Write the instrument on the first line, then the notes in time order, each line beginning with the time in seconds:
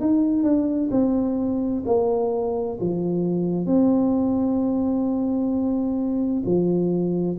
tuba
0.00 D#4
0.44 D4
0.91 C4
1.86 A#3
2.80 F3
3.66 C4
6.45 F3